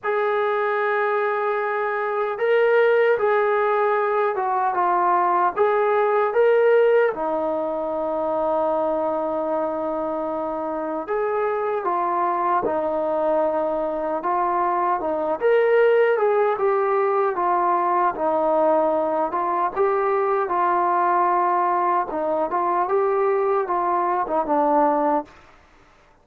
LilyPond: \new Staff \with { instrumentName = "trombone" } { \time 4/4 \tempo 4 = 76 gis'2. ais'4 | gis'4. fis'8 f'4 gis'4 | ais'4 dis'2.~ | dis'2 gis'4 f'4 |
dis'2 f'4 dis'8 ais'8~ | ais'8 gis'8 g'4 f'4 dis'4~ | dis'8 f'8 g'4 f'2 | dis'8 f'8 g'4 f'8. dis'16 d'4 | }